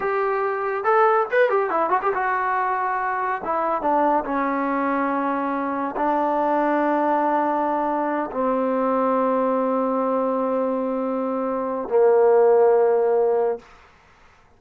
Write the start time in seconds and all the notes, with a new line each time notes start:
0.00 G4
0.84 A4
1.31 B4
1.49 G4
1.69 E4
1.89 F#4
2.02 G4
2.14 F#4
3.44 E4
3.81 D4
4.25 C#4
5.96 D4
8.31 C4
11.88 A#3